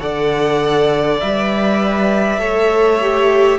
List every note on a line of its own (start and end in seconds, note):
0.00 1.22 D3
0.00 1.20 A4
0.00 2.40 D5
0.00 1.20 F#5
1.20 2.38 G3
1.20 2.40 B4
1.20 3.58 E5
2.38 3.58 A3
2.38 3.00 A4
2.38 3.58 C#5
3.01 3.58 G4